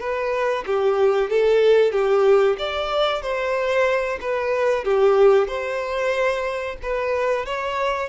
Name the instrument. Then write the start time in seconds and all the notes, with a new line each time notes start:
violin
0.00 B4
0.67 G4
1.30 A4
1.92 G4
2.59 D5
3.22 C5
4.21 B4
4.84 G4
5.48 C5
6.82 B4
7.46 C#5